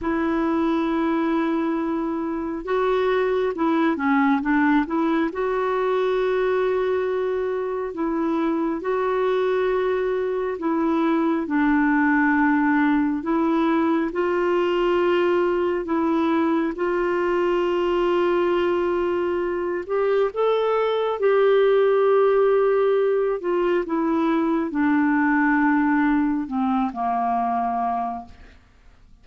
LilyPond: \new Staff \with { instrumentName = "clarinet" } { \time 4/4 \tempo 4 = 68 e'2. fis'4 | e'8 cis'8 d'8 e'8 fis'2~ | fis'4 e'4 fis'2 | e'4 d'2 e'4 |
f'2 e'4 f'4~ | f'2~ f'8 g'8 a'4 | g'2~ g'8 f'8 e'4 | d'2 c'8 ais4. | }